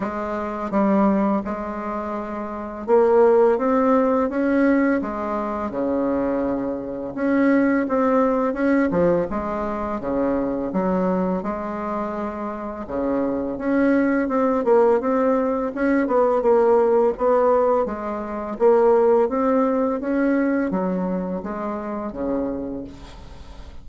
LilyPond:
\new Staff \with { instrumentName = "bassoon" } { \time 4/4 \tempo 4 = 84 gis4 g4 gis2 | ais4 c'4 cis'4 gis4 | cis2 cis'4 c'4 | cis'8 f8 gis4 cis4 fis4 |
gis2 cis4 cis'4 | c'8 ais8 c'4 cis'8 b8 ais4 | b4 gis4 ais4 c'4 | cis'4 fis4 gis4 cis4 | }